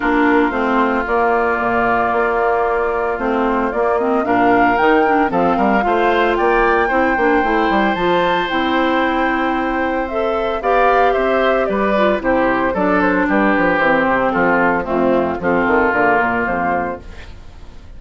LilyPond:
<<
  \new Staff \with { instrumentName = "flute" } { \time 4/4 \tempo 4 = 113 ais'4 c''4 d''2~ | d''2 c''4 d''8 dis''8 | f''4 g''4 f''2 | g''2. a''4 |
g''2. e''4 | f''4 e''4 d''4 c''4 | d''8 c''8 b'4 c''4 a'4 | f'4 a'4 ais'4 c''4 | }
  \new Staff \with { instrumentName = "oboe" } { \time 4/4 f'1~ | f'1 | ais'2 a'8 ais'8 c''4 | d''4 c''2.~ |
c''1 | d''4 c''4 b'4 g'4 | a'4 g'2 f'4 | c'4 f'2. | }
  \new Staff \with { instrumentName = "clarinet" } { \time 4/4 d'4 c'4 ais2~ | ais2 c'4 ais8 c'8 | d'4 dis'8 d'8 c'4 f'4~ | f'4 e'8 d'8 e'4 f'4 |
e'2. a'4 | g'2~ g'8 f'8 e'4 | d'2 c'2 | a4 c'4 ais2 | }
  \new Staff \with { instrumentName = "bassoon" } { \time 4/4 ais4 a4 ais4 ais,4 | ais2 a4 ais4 | ais,4 dis4 f8 g8 a4 | ais4 c'8 ais8 a8 g8 f4 |
c'1 | b4 c'4 g4 c4 | fis4 g8 f8 e8 c8 f4 | f,4 f8 dis8 d8 ais,8 f,4 | }
>>